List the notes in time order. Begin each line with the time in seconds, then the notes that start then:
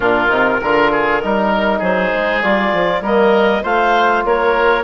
0.00 A#2 D4 F4 A#4
0.29 C3 D#4
0.61 D3 F4 A#4
0.91 G#4
1.22 G3 D#4 A#4
1.78 F#3 G#4 C5
2.13 G#3
2.42 G3 F4 D5
2.73 F3
3.01 G3 A#3 A#4 D#5
3.62 A3 F4 C5 F5
4.24 A#3 A#4 C#5